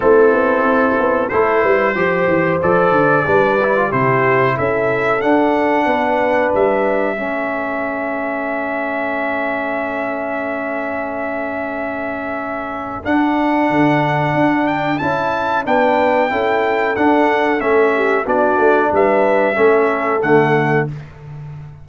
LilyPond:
<<
  \new Staff \with { instrumentName = "trumpet" } { \time 4/4 \tempo 4 = 92 a'2 c''2 | d''2 c''4 e''4 | fis''2 e''2~ | e''1~ |
e''1 | fis''2~ fis''8 g''8 a''4 | g''2 fis''4 e''4 | d''4 e''2 fis''4 | }
  \new Staff \with { instrumentName = "horn" } { \time 4/4 e'2 a'8 b'8 c''4~ | c''4 b'4 g'4 a'4~ | a'4 b'2 a'4~ | a'1~ |
a'1~ | a'1 | b'4 a'2~ a'8 g'8 | fis'4 b'4 a'2 | }
  \new Staff \with { instrumentName = "trombone" } { \time 4/4 c'2 e'4 g'4 | a'4 d'8 e'16 f'16 e'2 | d'2. cis'4~ | cis'1~ |
cis'1 | d'2. e'4 | d'4 e'4 d'4 cis'4 | d'2 cis'4 a4 | }
  \new Staff \with { instrumentName = "tuba" } { \time 4/4 a8 b8 c'8 b8 a8 g8 f8 e8 | f8 d8 g4 c4 cis'4 | d'4 b4 g4 a4~ | a1~ |
a1 | d'4 d4 d'4 cis'4 | b4 cis'4 d'4 a4 | b8 a8 g4 a4 d4 | }
>>